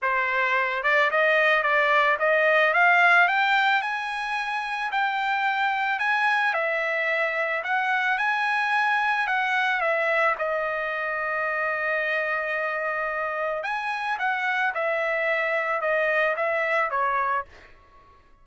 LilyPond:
\new Staff \with { instrumentName = "trumpet" } { \time 4/4 \tempo 4 = 110 c''4. d''8 dis''4 d''4 | dis''4 f''4 g''4 gis''4~ | gis''4 g''2 gis''4 | e''2 fis''4 gis''4~ |
gis''4 fis''4 e''4 dis''4~ | dis''1~ | dis''4 gis''4 fis''4 e''4~ | e''4 dis''4 e''4 cis''4 | }